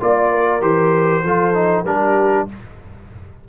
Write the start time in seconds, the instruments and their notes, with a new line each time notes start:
0.00 tuba A#3, trombone F4, horn D5, trumpet D5
0.31 horn A#4
0.61 tuba E3, trombone G4, trumpet C5
1.24 tuba F3, trombone F4, horn A4
1.54 trombone D#4
1.84 tuba G3, trombone D4, horn G4, trumpet A#4